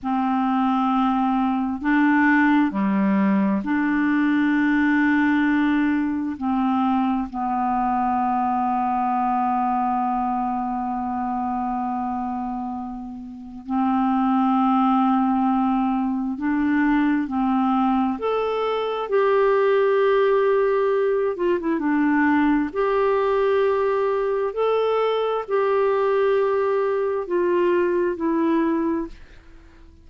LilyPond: \new Staff \with { instrumentName = "clarinet" } { \time 4/4 \tempo 4 = 66 c'2 d'4 g4 | d'2. c'4 | b1~ | b2. c'4~ |
c'2 d'4 c'4 | a'4 g'2~ g'8 f'16 e'16 | d'4 g'2 a'4 | g'2 f'4 e'4 | }